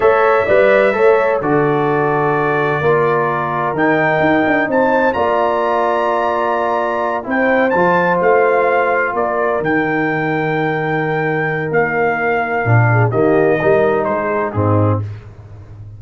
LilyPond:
<<
  \new Staff \with { instrumentName = "trumpet" } { \time 4/4 \tempo 4 = 128 e''2. d''4~ | d''1 | g''2 a''4 ais''4~ | ais''2.~ ais''8 g''8~ |
g''8 a''4 f''2 d''8~ | d''8 g''2.~ g''8~ | g''4 f''2. | dis''2 c''4 gis'4 | }
  \new Staff \with { instrumentName = "horn" } { \time 4/4 cis''4 d''4 cis''4 a'4~ | a'2 ais'2~ | ais'2 c''4 d''4~ | d''2.~ d''8 c''8~ |
c''2.~ c''8 ais'8~ | ais'1~ | ais'2.~ ais'8 gis'8 | g'4 ais'4 gis'4 dis'4 | }
  \new Staff \with { instrumentName = "trombone" } { \time 4/4 a'4 b'4 a'4 fis'4~ | fis'2 f'2 | dis'2. f'4~ | f'2.~ f'8 e'8~ |
e'8 f'2.~ f'8~ | f'8 dis'2.~ dis'8~ | dis'2. d'4 | ais4 dis'2 c'4 | }
  \new Staff \with { instrumentName = "tuba" } { \time 4/4 a4 g4 a4 d4~ | d2 ais2 | dis4 dis'8 d'8 c'4 ais4~ | ais2.~ ais8 c'8~ |
c'8 f4 a2 ais8~ | ais8 dis2.~ dis8~ | dis4 ais2 ais,4 | dis4 g4 gis4 gis,4 | }
>>